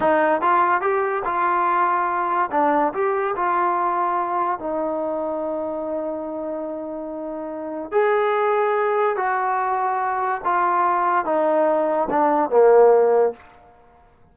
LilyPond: \new Staff \with { instrumentName = "trombone" } { \time 4/4 \tempo 4 = 144 dis'4 f'4 g'4 f'4~ | f'2 d'4 g'4 | f'2. dis'4~ | dis'1~ |
dis'2. gis'4~ | gis'2 fis'2~ | fis'4 f'2 dis'4~ | dis'4 d'4 ais2 | }